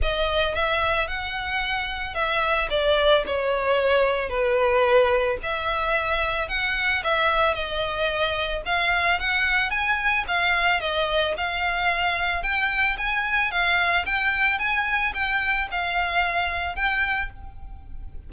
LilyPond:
\new Staff \with { instrumentName = "violin" } { \time 4/4 \tempo 4 = 111 dis''4 e''4 fis''2 | e''4 d''4 cis''2 | b'2 e''2 | fis''4 e''4 dis''2 |
f''4 fis''4 gis''4 f''4 | dis''4 f''2 g''4 | gis''4 f''4 g''4 gis''4 | g''4 f''2 g''4 | }